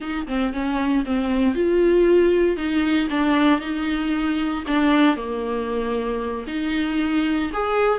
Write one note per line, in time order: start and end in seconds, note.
0.00 0.26 D#4
0.27 0.53 C4
0.53 1.04 C#4
1.05 1.54 C4
1.54 2.56 F4
2.56 3.08 D#4
3.09 3.60 D4
3.60 4.63 D#4
4.67 5.16 D4
5.16 6.45 A#3
6.47 7.50 D#4
7.53 7.98 G#4